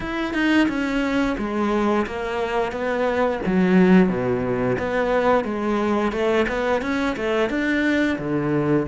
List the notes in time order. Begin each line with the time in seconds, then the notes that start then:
0.00 E4
0.33 D#4
0.68 C#4
1.38 G#3
2.06 A#3
2.71 B3
3.46 F#3
4.08 B2
4.78 B3
5.44 G#3
6.12 A3
6.48 B3
6.82 C#4
7.16 A3
7.49 D4
8.18 D3